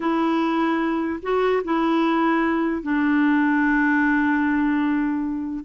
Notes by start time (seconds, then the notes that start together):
0.00 E4
1.22 F#4
1.64 E4
2.82 D4